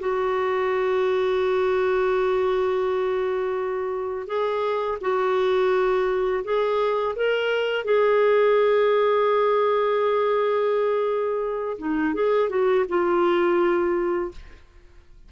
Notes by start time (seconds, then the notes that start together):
0.00 F#4
4.27 G#4
5.01 F#4
6.44 G#4
7.16 A#4
7.85 G#4
11.79 D#4
12.15 G#4
12.50 F#4
12.89 F4